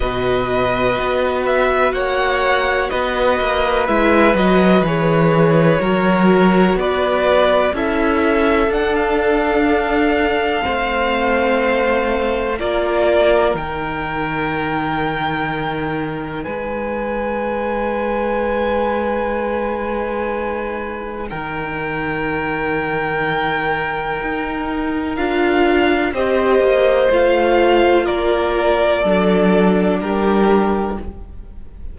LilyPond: <<
  \new Staff \with { instrumentName = "violin" } { \time 4/4 \tempo 4 = 62 dis''4. e''8 fis''4 dis''4 | e''8 dis''8 cis''2 d''4 | e''4 fis''16 f''2~ f''8.~ | f''4 d''4 g''2~ |
g''4 gis''2.~ | gis''2 g''2~ | g''2 f''4 dis''4 | f''4 d''2 ais'4 | }
  \new Staff \with { instrumentName = "violin" } { \time 4/4 b'2 cis''4 b'4~ | b'2 ais'4 b'4 | a'2. c''4~ | c''4 ais'2.~ |
ais'4 b'2.~ | b'2 ais'2~ | ais'2. c''4~ | c''4 ais'4 a'4 g'4 | }
  \new Staff \with { instrumentName = "viola" } { \time 4/4 fis'1 | e'8 fis'8 gis'4 fis'2 | e'4 d'2 c'4~ | c'4 f'4 dis'2~ |
dis'1~ | dis'1~ | dis'2 f'4 g'4 | f'2 d'2 | }
  \new Staff \with { instrumentName = "cello" } { \time 4/4 b,4 b4 ais4 b8 ais8 | gis8 fis8 e4 fis4 b4 | cis'4 d'2 a4~ | a4 ais4 dis2~ |
dis4 gis2.~ | gis2 dis2~ | dis4 dis'4 d'4 c'8 ais8 | a4 ais4 fis4 g4 | }
>>